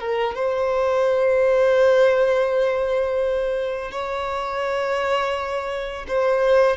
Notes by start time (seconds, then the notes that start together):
0.00 A#4
0.35 C5
3.92 C#5
6.08 C5